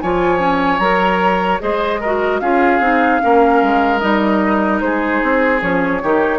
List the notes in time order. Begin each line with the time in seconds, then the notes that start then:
0.00 F3 F4 C#5 G#5
0.39 C#4
0.79 F#3 A#4 A#5
1.60 G#3 G#4 C5 D#5
2.01 F#4 A#4
2.40 C#4 F4 G#4 F5
2.80 C4 D#4
3.21 A#3 C#4 A#4
3.63 G#3
4.00 G3 D#4 D#5
4.81 G#3 G#4 C5
5.23 C4
5.61 F3 C#4 C#5
6.03 D#3 D#4 G4